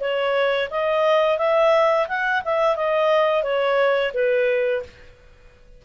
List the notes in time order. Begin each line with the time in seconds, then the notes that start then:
0.00 C#5
0.70 D#5
1.38 E5
2.08 F#5
2.45 E5
2.76 D#5
3.43 C#5
4.14 B4